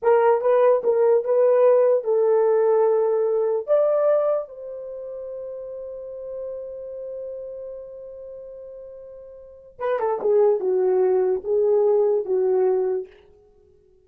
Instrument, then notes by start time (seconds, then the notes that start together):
horn
0.02 A#4
0.41 B4
0.83 A#4
1.24 B4
2.04 A4
3.67 D5
4.48 C5
9.79 B4
9.99 A4
10.21 G#4
10.60 F#4
11.44 G#4
12.25 F#4